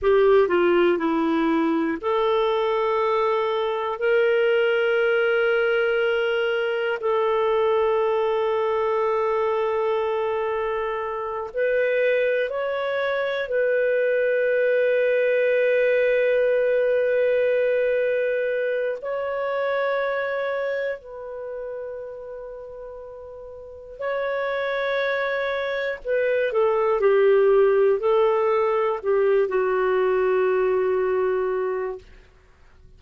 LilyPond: \new Staff \with { instrumentName = "clarinet" } { \time 4/4 \tempo 4 = 60 g'8 f'8 e'4 a'2 | ais'2. a'4~ | a'2.~ a'8 b'8~ | b'8 cis''4 b'2~ b'8~ |
b'2. cis''4~ | cis''4 b'2. | cis''2 b'8 a'8 g'4 | a'4 g'8 fis'2~ fis'8 | }